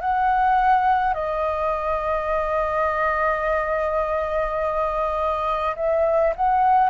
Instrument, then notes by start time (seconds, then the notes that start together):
flute
0.00 F#5
1.13 D#5
5.75 E5
6.36 F#5